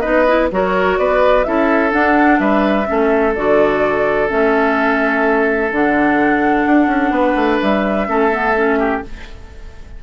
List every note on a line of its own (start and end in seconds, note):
0.00 0.51 B3
0.00 0.26 D#4
0.00 0.48 B4
0.00 0.47 D#5
0.27 0.50 E4
0.51 0.98 F#3
0.51 1.45 F#4
0.51 0.99 A#4
0.51 0.98 C#5
0.98 1.46 B3
0.98 1.46 B4
0.98 1.44 D5
1.44 1.93 C#4
1.44 1.91 E4
1.44 2.40 A4
1.44 1.91 E5
1.91 2.85 D4
1.91 2.39 D4
1.91 2.39 F#5
2.39 2.86 G3
2.39 2.87 B4
2.39 3.34 E5
2.86 3.36 A3
2.86 3.33 C#4
2.86 7.12 A4
3.35 4.31 D3
3.35 4.29 F#4
3.35 4.29 D5
4.29 5.71 A3
4.29 5.70 C#4
4.29 5.72 E5
5.71 6.65 D3
5.71 8.07 D4
5.71 7.60 F#5
6.66 6.87 D4
6.87 7.10 C#4
7.10 7.34 B3
7.10 8.07 B4
7.36 7.59 A3
7.60 8.08 G3
7.60 9.02 E5
8.07 9.03 A3
8.07 8.31 C#4
8.07 8.79 A4
8.31 8.55 B3
8.55 9.02 C#4
8.79 9.03 G4